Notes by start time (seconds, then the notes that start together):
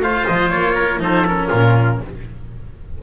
0.00 A3 F4 C5 F5
0.26 F3 D#5
0.50 A#3 C#5
0.75 A#4
1.00 F3 D#4 A4 C5
1.26 C#4 A#4
1.48 A#2 F4